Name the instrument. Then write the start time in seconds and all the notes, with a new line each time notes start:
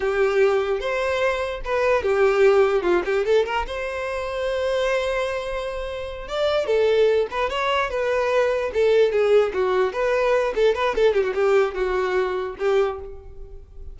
violin
0.00 G4
0.79 C5
1.64 B4
2.03 G4
2.82 F4
3.05 G4
3.25 A4
3.45 A#4
3.66 C5
6.27 D5
6.66 A4
7.30 B4
7.49 C#5
7.90 B4
8.73 A4
9.11 G#4
9.53 F#4
9.92 B4
10.55 A4
10.74 B4
10.95 A4
11.13 G4
11.23 F#4
11.34 G4
11.74 F#4
12.59 G4